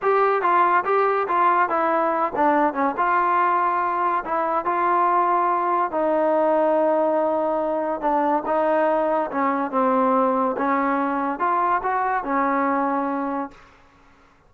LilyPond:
\new Staff \with { instrumentName = "trombone" } { \time 4/4 \tempo 4 = 142 g'4 f'4 g'4 f'4 | e'4. d'4 cis'8 f'4~ | f'2 e'4 f'4~ | f'2 dis'2~ |
dis'2. d'4 | dis'2 cis'4 c'4~ | c'4 cis'2 f'4 | fis'4 cis'2. | }